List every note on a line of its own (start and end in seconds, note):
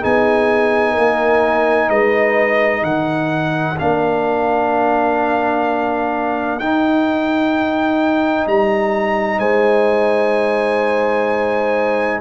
0.00 0.97 B3
0.00 3.76 D#4
0.00 0.92 G#4
0.00 1.90 G#5
0.92 1.89 A#3
0.92 1.86 A#4
1.89 2.83 G#3
1.89 2.82 B4
1.89 2.84 D#5
2.82 3.76 D#3
2.82 9.39 A#4
2.82 3.77 F#5
3.79 6.59 A#3
3.79 6.61 D4
3.79 6.59 F5
6.59 8.46 D#4
6.59 12.21 D#4
6.59 8.46 G5
8.47 9.39 G3
8.47 9.39 A#5
9.39 12.20 G#3
9.39 12.20 C5
9.39 12.21 G#5